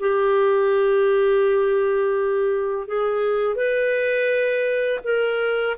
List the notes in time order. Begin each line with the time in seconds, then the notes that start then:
0.00 G4
2.88 G#4
3.56 B4
5.04 A#4